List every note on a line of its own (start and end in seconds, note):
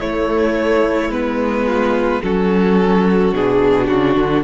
0.00 1.09 A3
0.00 1.11 A3
0.00 1.66 E4
0.00 1.11 C#5
1.09 2.20 G#3
1.09 2.22 B3
1.09 2.22 B4
1.66 2.21 F4
2.23 3.33 F#3
2.23 3.34 C#4
2.23 4.44 F#4
2.23 3.34 A4
3.33 3.88 B2
3.33 4.44 D4
3.33 3.87 G#4
3.87 4.16 C#3
3.87 4.43 F#4
4.16 4.43 D3